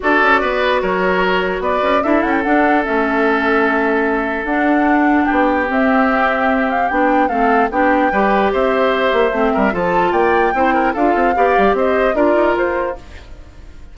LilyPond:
<<
  \new Staff \with { instrumentName = "flute" } { \time 4/4 \tempo 4 = 148 d''2 cis''2 | d''4 e''8 fis''16 g''16 fis''4 e''4~ | e''2. fis''4~ | fis''4 g''4 e''2~ |
e''8 f''8 g''4 f''4 g''4~ | g''4 e''2. | a''4 g''2 f''4~ | f''4 dis''4 d''4 c''4 | }
  \new Staff \with { instrumentName = "oboe" } { \time 4/4 a'4 b'4 ais'2 | b'4 a'2.~ | a'1~ | a'4 g'2.~ |
g'2 a'4 g'4 | b'4 c''2~ c''8 ais'8 | a'4 d''4 c''8 ais'8 a'4 | d''4 c''4 ais'2 | }
  \new Staff \with { instrumentName = "clarinet" } { \time 4/4 fis'1~ | fis'4 e'4 d'4 cis'4~ | cis'2. d'4~ | d'2 c'2~ |
c'4 d'4 c'4 d'4 | g'2. c'4 | f'2 e'4 f'4 | g'2 f'2 | }
  \new Staff \with { instrumentName = "bassoon" } { \time 4/4 d'8 cis'8 b4 fis2 | b8 cis'8 d'8 cis'8 d'4 a4~ | a2. d'4~ | d'4 b4 c'2~ |
c'4 b4 a4 b4 | g4 c'4. ais8 a8 g8 | f4 ais4 c'4 d'8 c'8 | b8 g8 c'4 d'8 dis'8 f'4 | }
>>